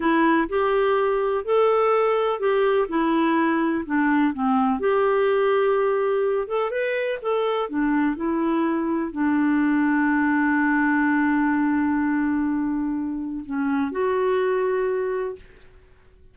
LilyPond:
\new Staff \with { instrumentName = "clarinet" } { \time 4/4 \tempo 4 = 125 e'4 g'2 a'4~ | a'4 g'4 e'2 | d'4 c'4 g'2~ | g'4. a'8 b'4 a'4 |
d'4 e'2 d'4~ | d'1~ | d'1 | cis'4 fis'2. | }